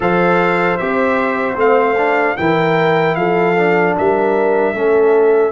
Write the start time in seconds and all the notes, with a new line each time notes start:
0.00 F3 A4 C5 F5
0.77 C4 G4 E5
1.55 A3 C4 F5
1.97 D4
2.37 E3 E4 A#4 G5
3.15 F3 A4 F5
3.55 D4
3.97 G3 A#4 E5
4.73 A3 C#4 A4